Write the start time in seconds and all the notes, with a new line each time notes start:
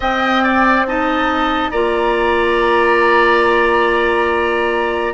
0.00 C4 D#5 G5
0.43 D5
0.86 D#4 D#5 A5
1.70 A#3 F4 D5 A#5